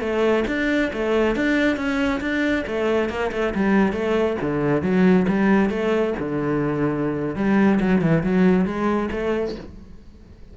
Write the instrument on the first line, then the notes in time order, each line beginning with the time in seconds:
cello
0.00 A3
0.47 D4
0.93 A3
1.36 D4
1.76 C#4
2.20 D4
2.67 A3
3.09 A#3
3.32 A3
3.55 G3
3.93 A3
4.41 D3
4.82 F#3
5.28 G3
5.70 A3
6.19 D3
7.36 G3
7.80 F#3
8.01 E3
8.23 F#3
8.65 G#3
9.11 A3